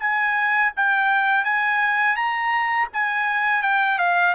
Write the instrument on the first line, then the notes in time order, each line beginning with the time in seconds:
trumpet
0.00 G#5
0.77 G5
1.45 G#5
2.16 A#5
2.93 G#5
3.63 G5
3.99 F5